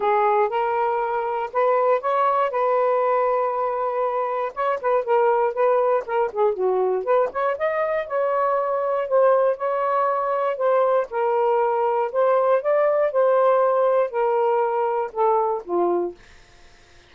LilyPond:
\new Staff \with { instrumentName = "saxophone" } { \time 4/4 \tempo 4 = 119 gis'4 ais'2 b'4 | cis''4 b'2.~ | b'4 cis''8 b'8 ais'4 b'4 | ais'8 gis'8 fis'4 b'8 cis''8 dis''4 |
cis''2 c''4 cis''4~ | cis''4 c''4 ais'2 | c''4 d''4 c''2 | ais'2 a'4 f'4 | }